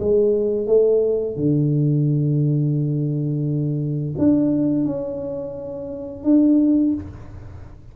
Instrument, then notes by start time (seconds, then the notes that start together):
tuba
0.00 G#3
0.67 A3
1.36 D3
4.18 D4
4.85 C#4
6.24 D4